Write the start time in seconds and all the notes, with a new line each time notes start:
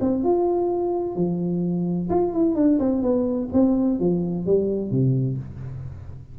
0.00 C4
0.23 F4
1.15 F3
2.09 F4
2.33 E4
2.55 D4
2.79 C4
3.02 B3
3.52 C4
3.99 F3
4.46 G3
4.90 C3